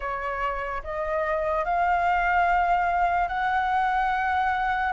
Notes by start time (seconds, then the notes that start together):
0.00 C#5
0.83 D#5
1.64 F5
3.28 F#5